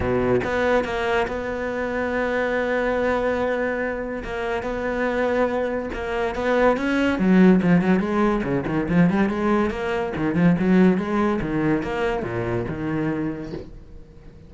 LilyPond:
\new Staff \with { instrumentName = "cello" } { \time 4/4 \tempo 4 = 142 b,4 b4 ais4 b4~ | b1~ | b2 ais4 b4~ | b2 ais4 b4 |
cis'4 fis4 f8 fis8 gis4 | cis8 dis8 f8 g8 gis4 ais4 | dis8 f8 fis4 gis4 dis4 | ais4 ais,4 dis2 | }